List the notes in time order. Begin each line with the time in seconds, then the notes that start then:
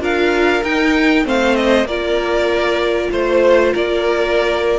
0.00 D4 F4 A#4 F5
0.64 D#4 G5
1.24 A3 C4 C5 F5
1.56 D#5
1.84 A#3 F4 A#4 D5
3.11 A3 C5
3.73 A#3 A#4 D5